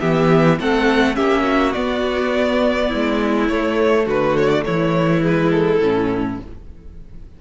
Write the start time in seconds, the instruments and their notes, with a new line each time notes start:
0.00 cello E3, viola B3, violin G4 E5
0.59 cello A3, viola C4, violin A4 F#5
1.14 cello A#3, viola C#4, violin G4 E5
1.43 violin F#4
1.72 viola B3, cello B3, violin D5
2.88 cello G#3, violin E4
3.48 cello A3, viola A3, violin C#5
4.05 cello D3, violin F#4 B4
4.37 violin C#5
4.50 violin D5
4.64 cello E3, violin E4 C#5
5.21 viola G#3, violin B4
5.51 violin A4
5.79 cello A2, viola C#4